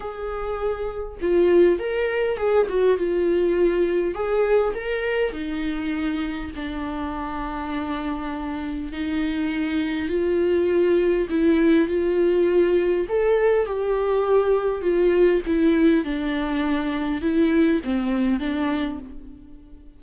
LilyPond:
\new Staff \with { instrumentName = "viola" } { \time 4/4 \tempo 4 = 101 gis'2 f'4 ais'4 | gis'8 fis'8 f'2 gis'4 | ais'4 dis'2 d'4~ | d'2. dis'4~ |
dis'4 f'2 e'4 | f'2 a'4 g'4~ | g'4 f'4 e'4 d'4~ | d'4 e'4 c'4 d'4 | }